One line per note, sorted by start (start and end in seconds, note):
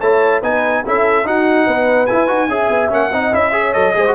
0.00 0.42 A3
0.00 0.43 E4
0.00 0.41 C#5
0.00 0.42 A5
0.41 0.84 B3
0.41 0.84 D#4
0.41 0.82 B4
0.41 0.84 G#5
0.86 1.25 C#4
0.86 1.25 E4
0.86 1.26 A4
0.86 1.27 E5
1.25 2.07 D#4
1.25 1.67 D#4
1.25 1.67 F#4
1.25 2.06 F#5
1.67 2.08 B3
1.67 2.50 B4
2.06 2.27 E4
2.06 2.29 E4
2.06 2.89 G#5
2.27 2.48 D#4
2.27 2.48 F#4
2.48 2.69 C#4
2.48 2.89 G#4
2.48 3.12 E5
2.70 2.91 B3
2.89 3.12 A#3
2.89 3.10 C#4
2.89 3.34 F#5
3.12 3.33 C4
3.12 3.32 D#4
3.12 3.53 D#5
3.32 3.75 C#4
3.32 3.52 E4
3.32 3.73 E5
3.52 3.73 G#4
3.52 3.97 C#5
3.73 3.96 F#3
3.73 3.94 A4
3.73 4.14 D#5
3.94 4.15 G#3
3.94 4.05 G#4
3.94 4.15 C5
4.07 4.15 F#4